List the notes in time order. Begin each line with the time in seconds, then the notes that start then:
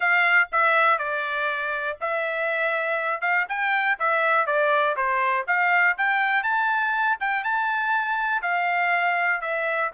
0.00 F5
0.52 E5
0.98 D5
2.00 E5
3.21 F5
3.48 G5
3.99 E5
4.46 D5
4.96 C5
5.47 F5
5.97 G5
6.43 A5
7.19 G5
7.44 A5
8.42 F5
9.41 E5